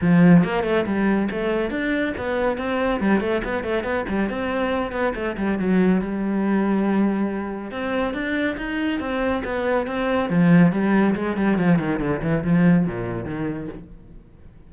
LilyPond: \new Staff \with { instrumentName = "cello" } { \time 4/4 \tempo 4 = 140 f4 ais8 a8 g4 a4 | d'4 b4 c'4 g8 a8 | b8 a8 b8 g8 c'4. b8 | a8 g8 fis4 g2~ |
g2 c'4 d'4 | dis'4 c'4 b4 c'4 | f4 g4 gis8 g8 f8 dis8 | d8 e8 f4 ais,4 dis4 | }